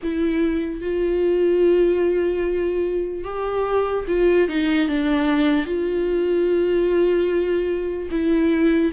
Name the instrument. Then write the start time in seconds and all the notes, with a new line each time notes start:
viola
0.03 E4
0.81 F4
3.24 G4
4.07 F4
4.48 D#4
4.88 D4
5.66 F4
8.10 E4